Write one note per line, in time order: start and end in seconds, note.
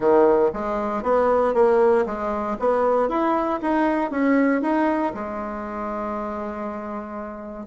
0.00 0.51 D#3
0.53 1.03 G#3
1.03 1.54 B3
1.54 2.05 A#3
2.06 2.57 G#3
2.59 3.08 B3
3.08 3.60 E4
3.62 4.10 D#4
4.10 4.61 C#4
4.61 5.13 D#4
5.14 7.66 G#3